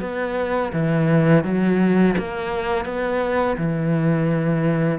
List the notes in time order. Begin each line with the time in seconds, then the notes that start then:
0.00 B3
0.72 E3
1.44 F#3
2.18 A#3
2.85 B3
3.57 E3